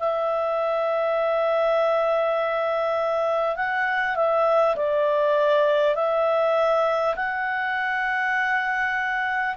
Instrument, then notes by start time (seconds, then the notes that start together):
clarinet
0.00 E5
3.57 F#5
4.16 E5
4.77 D5
5.96 E5
7.16 F#5